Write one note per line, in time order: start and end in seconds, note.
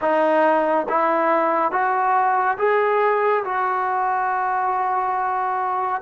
0.01 0.86 D#4
0.88 1.71 E4
1.71 2.57 F#4
2.58 3.43 G#4
3.44 6.01 F#4